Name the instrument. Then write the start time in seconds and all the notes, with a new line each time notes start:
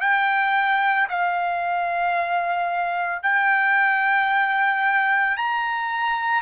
trumpet
0.00 G5
1.09 F5
3.22 G5
5.37 A#5